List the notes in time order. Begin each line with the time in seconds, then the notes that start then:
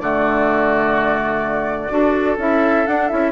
0.00 D3 A3 F#4 D5
1.89 D4 F#4 A4
2.38 C#4 E4 E5
2.87 D4 F#5
3.08 C#4 E4 E5